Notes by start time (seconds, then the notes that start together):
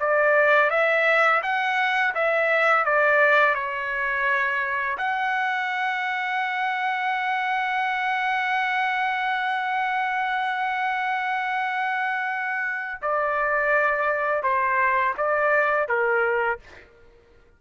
0.00 D5
0.70 E5
1.43 F#5
2.15 E5
2.85 D5
3.55 C#5
4.98 F#5
13.02 D5
14.43 C5
15.18 D5
15.88 A#4